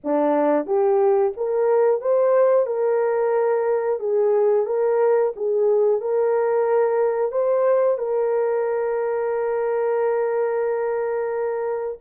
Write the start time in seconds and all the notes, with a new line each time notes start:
0.04 D4
0.65 G4
1.36 A#4
2.01 C5
2.66 A#4
3.99 G#4
4.66 A#4
5.35 G#4
6.00 A#4
7.31 C5
7.98 A#4